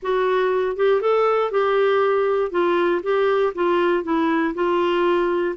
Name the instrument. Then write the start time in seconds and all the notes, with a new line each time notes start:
clarinet
0.02 F#4
0.76 G4
1.01 A4
1.51 G4
2.51 F4
3.02 G4
3.54 F4
4.03 E4
4.54 F4